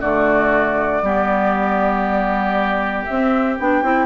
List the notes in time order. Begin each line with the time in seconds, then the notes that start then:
0.00 D3 A3 F#4 D5
1.02 G3 B3 G4
3.05 C4 E5
3.59 B3 D4 G5
3.82 C4 E4